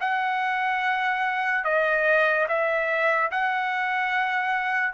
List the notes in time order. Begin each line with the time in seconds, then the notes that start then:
0.00 F#5
1.64 D#5
2.48 E5
3.31 F#5